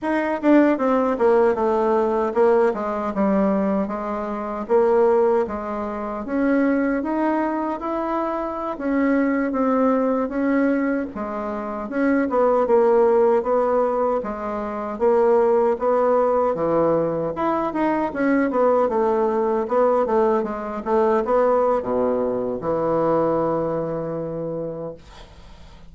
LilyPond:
\new Staff \with { instrumentName = "bassoon" } { \time 4/4 \tempo 4 = 77 dis'8 d'8 c'8 ais8 a4 ais8 gis8 | g4 gis4 ais4 gis4 | cis'4 dis'4 e'4~ e'16 cis'8.~ | cis'16 c'4 cis'4 gis4 cis'8 b16~ |
b16 ais4 b4 gis4 ais8.~ | ais16 b4 e4 e'8 dis'8 cis'8 b16~ | b16 a4 b8 a8 gis8 a8 b8. | b,4 e2. | }